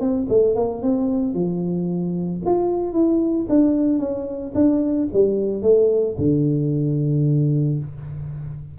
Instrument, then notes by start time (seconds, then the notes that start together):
tuba
0.00 C4
0.29 A3
0.56 A#3
0.82 C4
1.34 F3
2.45 F4
2.93 E4
3.49 D4
3.99 C#4
4.55 D4
5.13 G3
5.62 A3
6.18 D3